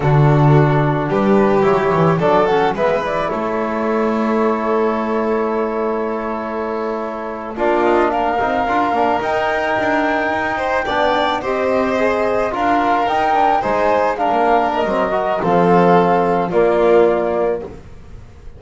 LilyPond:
<<
  \new Staff \with { instrumentName = "flute" } { \time 4/4 \tempo 4 = 109 a'2 b'4 cis''4 | d''8 fis''8 e''8 d''8 cis''2~ | cis''1~ | cis''4.~ cis''16 d''8 dis''8 f''4~ f''16~ |
f''8. g''2.~ g''16~ | g''8. dis''2 f''4 g''16~ | g''8. gis''4 f''4 dis''4~ dis''16 | f''2 d''2 | }
  \new Staff \with { instrumentName = "violin" } { \time 4/4 fis'2 g'2 | a'4 b'4 a'2~ | a'1~ | a'4.~ a'16 f'4 ais'4~ ais'16~ |
ais'2.~ ais'16 c''8 d''16~ | d''8. c''2 ais'4~ ais'16~ | ais'8. c''4 ais'2~ ais'16 | a'2 f'2 | }
  \new Staff \with { instrumentName = "trombone" } { \time 4/4 d'2. e'4 | d'8 cis'8 b8 e'2~ e'8~ | e'1~ | e'4.~ e'16 d'4. dis'8 f'16~ |
f'16 d'8 dis'2. d'16~ | d'8. g'4 gis'4 f'4 dis'16~ | dis'16 d'8 dis'4 d'4~ d'16 c'8 fis'8 | c'2 ais2 | }
  \new Staff \with { instrumentName = "double bass" } { \time 4/4 d2 g4 fis8 e8 | fis4 gis4 a2~ | a1~ | a4.~ a16 ais4. c'8 d'16~ |
d'16 ais8 dis'4 d'4 dis'4 b16~ | b8. c'2 d'4 dis'16~ | dis'8. gis4~ gis16 ais4 fis4 | f2 ais2 | }
>>